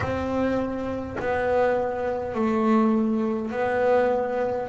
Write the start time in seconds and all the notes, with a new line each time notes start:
0.00 C4
1.19 B3
2.34 A3
3.51 B3